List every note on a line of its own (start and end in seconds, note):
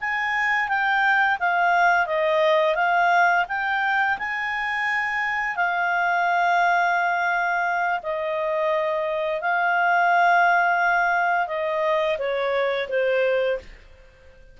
0.00 0.68 G#5
0.68 1.38 G5
1.39 2.06 F5
2.06 2.75 D#5
2.75 3.45 F5
3.48 4.18 G5
4.18 5.56 G#5
5.56 8.00 F5
8.02 9.41 D#5
9.41 11.47 F5
11.47 12.17 D#5
12.18 12.88 C#5
12.88 13.58 C5